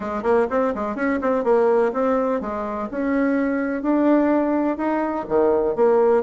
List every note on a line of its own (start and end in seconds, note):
0.00 0.22 G#3
0.22 0.46 A#3
0.49 0.73 C4
0.74 0.95 G#3
0.95 1.19 C#4
1.21 1.44 C4
1.44 1.92 A#3
1.92 2.40 C4
2.40 2.88 G#3
2.90 3.82 C#4
3.82 4.77 D4
4.77 5.25 D#4
5.28 5.75 D#3
5.75 6.23 A#3